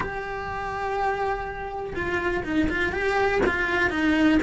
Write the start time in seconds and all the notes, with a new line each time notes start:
0.00 G4
1.95 F4
2.44 D#4
2.69 F4
2.92 G4
3.46 F4
3.90 D#4